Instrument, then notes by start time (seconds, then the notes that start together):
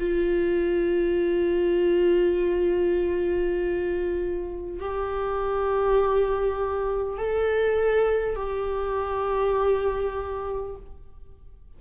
viola
0.00 F4
4.80 G4
7.19 A4
8.36 G4